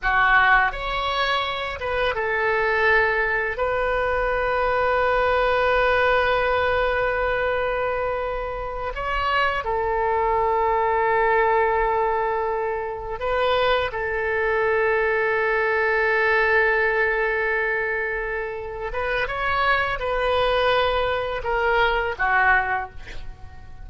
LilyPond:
\new Staff \with { instrumentName = "oboe" } { \time 4/4 \tempo 4 = 84 fis'4 cis''4. b'8 a'4~ | a'4 b'2.~ | b'1~ | b'8 cis''4 a'2~ a'8~ |
a'2~ a'8 b'4 a'8~ | a'1~ | a'2~ a'8 b'8 cis''4 | b'2 ais'4 fis'4 | }